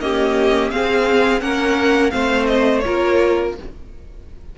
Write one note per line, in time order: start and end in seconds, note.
0.00 0.71 A#3
0.00 0.71 C#4
0.00 0.73 G4
0.00 0.70 D#5
0.70 1.40 C4
0.70 1.41 C4
0.70 1.42 G#4
0.70 1.40 F5
1.40 2.11 A#3
1.40 2.10 C#4
1.40 2.13 A#4
1.40 2.10 F#5
2.10 2.84 A3
2.10 2.81 C4
2.10 2.84 C5
2.10 2.46 F5
2.46 2.79 D#5
2.79 3.49 C#5
2.85 3.58 A#3
2.85 3.55 F4
2.85 3.55 A#4